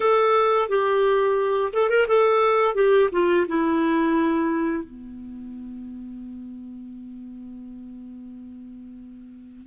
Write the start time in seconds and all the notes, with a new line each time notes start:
0.00 A4
0.69 G4
1.73 A4
1.89 A#4
2.07 A4
2.75 G4
3.12 F4
3.48 E4
4.84 B3